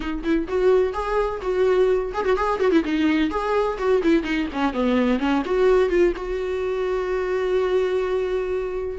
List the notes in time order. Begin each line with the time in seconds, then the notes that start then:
0.00 D#4
0.23 E4
0.47 F#4
0.93 G#4
1.41 F#4
2.13 G#4
2.24 F#4
2.36 G#4
2.60 F#4
2.71 E4
2.84 D#4
3.30 G#4
3.78 F#4
4.03 E4
4.23 D#4
4.52 C#4
4.73 B3
5.19 C#4
5.45 F#4
5.89 F4
6.16 F#4